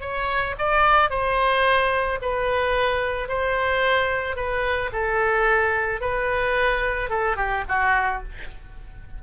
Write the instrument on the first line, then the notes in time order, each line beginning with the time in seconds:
oboe
0.00 C#5
0.58 D5
1.10 C5
2.21 B4
3.28 C5
4.35 B4
4.92 A4
6.00 B4
7.09 A4
7.36 G4
7.68 F#4